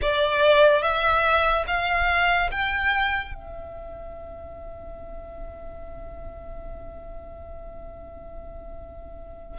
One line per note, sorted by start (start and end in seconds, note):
0.01 0.81 D5
0.81 1.65 E5
1.67 2.50 F5
2.51 3.34 G5
3.34 9.58 E5